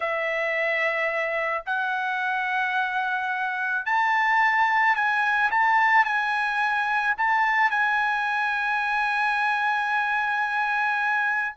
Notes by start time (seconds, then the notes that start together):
0.00 E5
1.65 F#5
3.85 A5
4.95 G#5
5.50 A5
6.04 G#5
7.17 A5
7.70 G#5